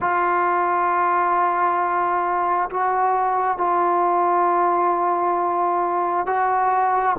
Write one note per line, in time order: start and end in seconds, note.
0.00 2.69 F4
2.70 3.57 F#4
3.57 6.26 F4
6.26 7.16 F#4